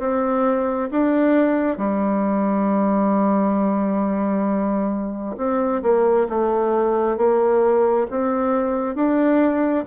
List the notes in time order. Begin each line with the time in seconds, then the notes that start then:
0.00 C4
0.91 D4
1.78 G3
5.38 C4
5.82 A#3
6.30 A3
7.18 A#3
8.10 C4
8.96 D4